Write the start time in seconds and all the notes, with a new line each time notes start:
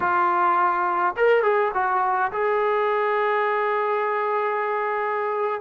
0.00 F4
1.16 A#4
1.42 G#4
1.74 F#4
2.32 G#4